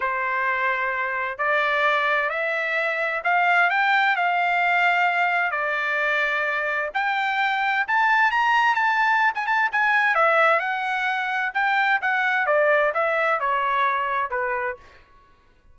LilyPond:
\new Staff \with { instrumentName = "trumpet" } { \time 4/4 \tempo 4 = 130 c''2. d''4~ | d''4 e''2 f''4 | g''4 f''2. | d''2. g''4~ |
g''4 a''4 ais''4 a''4~ | a''16 gis''16 a''8 gis''4 e''4 fis''4~ | fis''4 g''4 fis''4 d''4 | e''4 cis''2 b'4 | }